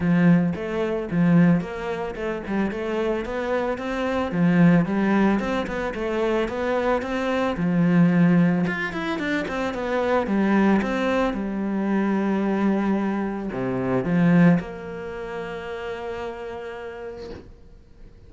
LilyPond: \new Staff \with { instrumentName = "cello" } { \time 4/4 \tempo 4 = 111 f4 a4 f4 ais4 | a8 g8 a4 b4 c'4 | f4 g4 c'8 b8 a4 | b4 c'4 f2 |
f'8 e'8 d'8 c'8 b4 g4 | c'4 g2.~ | g4 c4 f4 ais4~ | ais1 | }